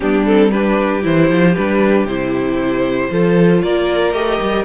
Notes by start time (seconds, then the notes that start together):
0.00 G3 B3 D4 G4
0.25 C4 A4
0.51 D4 G4 B4
1.02 E3 E4 C5
1.29 F3
1.55 G3 D4 B4
2.05 C3 E4 C5
3.11 F3 F4 A4
3.61 A#3 A#4 D5
4.13 A3 G4 D#5
4.40 G3